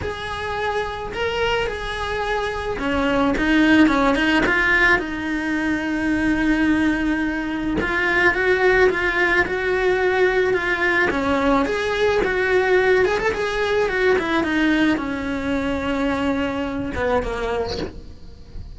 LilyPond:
\new Staff \with { instrumentName = "cello" } { \time 4/4 \tempo 4 = 108 gis'2 ais'4 gis'4~ | gis'4 cis'4 dis'4 cis'8 dis'8 | f'4 dis'2.~ | dis'2 f'4 fis'4 |
f'4 fis'2 f'4 | cis'4 gis'4 fis'4. gis'16 a'16 | gis'4 fis'8 e'8 dis'4 cis'4~ | cis'2~ cis'8 b8 ais4 | }